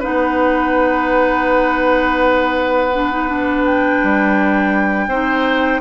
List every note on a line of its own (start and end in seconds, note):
0.00 2.90 D#4
0.00 5.06 B4
0.00 3.64 F#5
0.06 4.03 B3
2.93 3.11 D4
3.11 3.29 D#4
3.29 5.09 D4
3.64 5.81 G5
4.03 5.08 G3
5.08 5.80 C4
5.08 5.81 D#4
5.08 5.81 C5